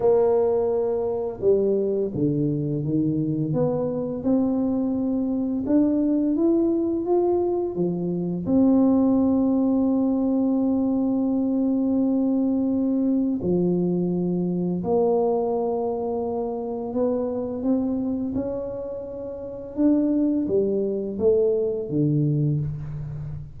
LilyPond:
\new Staff \with { instrumentName = "tuba" } { \time 4/4 \tempo 4 = 85 ais2 g4 d4 | dis4 b4 c'2 | d'4 e'4 f'4 f4 | c'1~ |
c'2. f4~ | f4 ais2. | b4 c'4 cis'2 | d'4 g4 a4 d4 | }